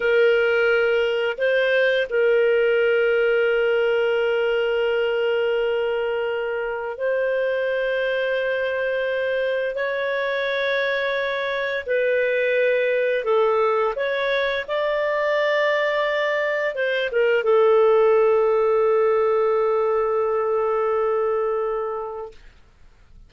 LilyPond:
\new Staff \with { instrumentName = "clarinet" } { \time 4/4 \tempo 4 = 86 ais'2 c''4 ais'4~ | ais'1~ | ais'2 c''2~ | c''2 cis''2~ |
cis''4 b'2 a'4 | cis''4 d''2. | c''8 ais'8 a'2.~ | a'1 | }